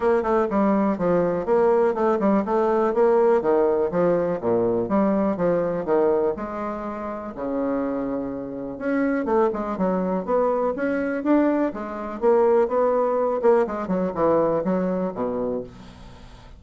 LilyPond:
\new Staff \with { instrumentName = "bassoon" } { \time 4/4 \tempo 4 = 123 ais8 a8 g4 f4 ais4 | a8 g8 a4 ais4 dis4 | f4 ais,4 g4 f4 | dis4 gis2 cis4~ |
cis2 cis'4 a8 gis8 | fis4 b4 cis'4 d'4 | gis4 ais4 b4. ais8 | gis8 fis8 e4 fis4 b,4 | }